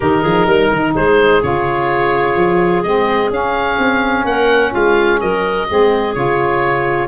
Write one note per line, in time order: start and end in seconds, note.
0.00 0.24 D#3
0.00 1.42 D#4
0.00 0.22 G4
0.00 0.93 A#4
0.22 0.46 F3
0.22 0.45 G#4
0.46 0.69 G3
0.46 0.94 A#4
0.70 0.94 D#3
0.94 1.42 G#3
0.94 4.25 G#4
0.94 1.42 C5
1.42 2.35 C#3
1.42 2.84 F4
1.42 2.82 C#5
2.35 2.83 F3
2.82 3.30 G#3
2.82 3.31 C4
2.82 3.30 D#5
3.30 3.77 C#4
3.30 5.67 C#4
3.30 4.25 F5
3.78 4.24 C4
4.24 4.72 A#3
4.24 4.71 A#4
4.24 4.73 F#5
4.71 5.22 G#3
4.71 5.18 F4
4.71 5.20 F5
5.20 5.69 F#3
5.20 5.67 A#4
5.20 6.14 D#5
5.68 6.15 G#3
5.68 6.14 C4
5.68 7.07 G#4
6.14 7.07 C#3
6.14 7.07 F4
6.14 7.07 C#5